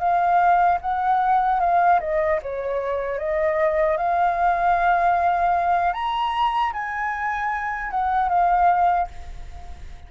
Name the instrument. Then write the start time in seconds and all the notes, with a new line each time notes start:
flute
0.00 F5
0.81 F#5
1.60 F5
2.01 D#5
2.43 C#5
3.19 D#5
3.98 F5
5.94 A#5
6.73 G#5
7.91 F#5
8.29 F5